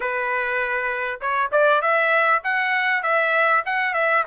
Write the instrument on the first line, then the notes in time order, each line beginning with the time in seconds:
trumpet
0.00 B4
1.20 C#5
1.52 D5
1.81 E5
2.43 F#5
3.02 E5
3.65 F#5
3.93 E5